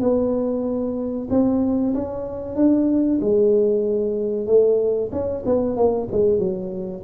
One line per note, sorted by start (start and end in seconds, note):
0.00 1.28 B3
1.30 1.94 C4
1.94 2.55 C#4
2.55 3.19 D4
3.20 4.46 G#3
4.46 5.10 A3
5.12 5.43 C#4
5.45 5.76 B3
5.76 6.08 A#3
6.11 6.38 G#3
6.38 7.02 F#3